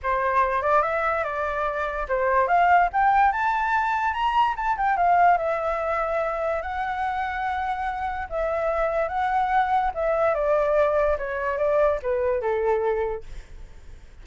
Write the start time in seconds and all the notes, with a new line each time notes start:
0.03 C5
0.62 D5
0.82 E5
1.24 D5
2.08 C5
2.47 F5
2.92 G5
3.32 A5
4.13 A#5
4.56 A5
4.77 G5
4.97 F5
5.37 E5
6.62 F#5
8.29 E5
9.08 F#5
9.94 E5
10.34 D5
11.17 C#5
11.57 D5
12.02 B4
12.41 A4